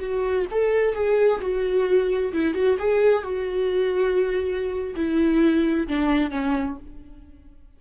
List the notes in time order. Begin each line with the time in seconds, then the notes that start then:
0.00 F#4
0.51 A4
0.95 G#4
1.41 F#4
2.33 E4
2.54 F#4
2.79 G#4
3.23 F#4
4.96 E4
5.88 D4
6.31 C#4